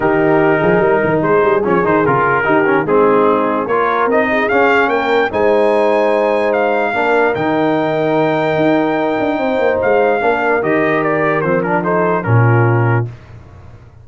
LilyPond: <<
  \new Staff \with { instrumentName = "trumpet" } { \time 4/4 \tempo 4 = 147 ais'2. c''4 | cis''8 c''8 ais'2 gis'4~ | gis'4 cis''4 dis''4 f''4 | g''4 gis''2. |
f''2 g''2~ | g''1 | f''2 dis''4 d''4 | c''8 ais'8 c''4 ais'2 | }
  \new Staff \with { instrumentName = "horn" } { \time 4/4 g'4. gis'8 ais'4 gis'4~ | gis'2 g'4 dis'4~ | dis'4 ais'4. gis'4. | ais'4 c''2.~ |
c''4 ais'2.~ | ais'2. c''4~ | c''4 ais'2.~ | ais'4 a'4 f'2 | }
  \new Staff \with { instrumentName = "trombone" } { \time 4/4 dis'1 | cis'8 dis'8 f'4 dis'8 cis'8 c'4~ | c'4 f'4 dis'4 cis'4~ | cis'4 dis'2.~ |
dis'4 d'4 dis'2~ | dis'1~ | dis'4 d'4 g'2 | c'8 d'8 dis'4 cis'2 | }
  \new Staff \with { instrumentName = "tuba" } { \time 4/4 dis4. f8 g8 dis8 gis8 g8 | f8 dis8 cis4 dis4 gis4~ | gis4 ais4 c'4 cis'4 | ais4 gis2.~ |
gis4 ais4 dis2~ | dis4 dis'4. d'8 c'8 ais8 | gis4 ais4 dis2 | f2 ais,2 | }
>>